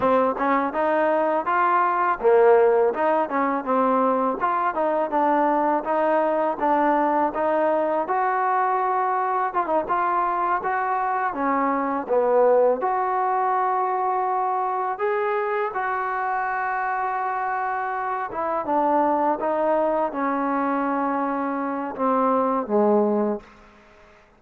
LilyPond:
\new Staff \with { instrumentName = "trombone" } { \time 4/4 \tempo 4 = 82 c'8 cis'8 dis'4 f'4 ais4 | dis'8 cis'8 c'4 f'8 dis'8 d'4 | dis'4 d'4 dis'4 fis'4~ | fis'4 f'16 dis'16 f'4 fis'4 cis'8~ |
cis'8 b4 fis'2~ fis'8~ | fis'8 gis'4 fis'2~ fis'8~ | fis'4 e'8 d'4 dis'4 cis'8~ | cis'2 c'4 gis4 | }